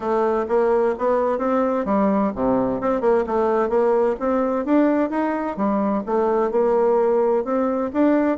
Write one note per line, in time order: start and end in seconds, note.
0.00 0.45 A3
0.48 0.94 A#3
0.98 1.38 B3
1.38 1.85 C4
1.85 2.32 G3
2.35 2.80 C3
2.80 3.01 C4
3.01 3.24 A#3
3.26 3.69 A3
3.69 4.15 A#3
4.19 4.65 C4
4.65 5.10 D4
5.10 5.56 D#4
5.56 6.03 G3
6.06 6.51 A3
6.51 7.44 A#3
7.44 7.90 C4
7.93 8.38 D4